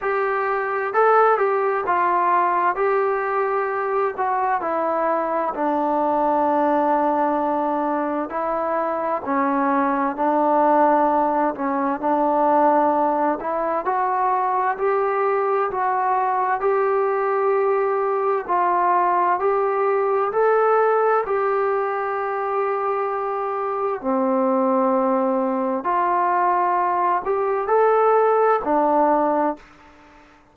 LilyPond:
\new Staff \with { instrumentName = "trombone" } { \time 4/4 \tempo 4 = 65 g'4 a'8 g'8 f'4 g'4~ | g'8 fis'8 e'4 d'2~ | d'4 e'4 cis'4 d'4~ | d'8 cis'8 d'4. e'8 fis'4 |
g'4 fis'4 g'2 | f'4 g'4 a'4 g'4~ | g'2 c'2 | f'4. g'8 a'4 d'4 | }